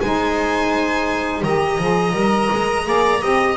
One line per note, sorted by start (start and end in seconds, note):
0.00 1.42 G#3
0.00 1.44 D#4
0.00 1.44 C5
0.00 1.43 G#5
1.42 1.78 D#3
1.42 1.80 G4
1.42 2.87 D#5
1.42 3.57 A#5
1.78 2.12 F3
1.78 2.11 G#4
2.11 2.48 G3
2.11 2.83 A#4
2.52 2.86 G#3
2.84 3.22 A#3
2.84 3.19 G#4
2.84 3.21 D5
3.20 3.57 C4
3.20 3.55 G4
3.20 3.57 D#5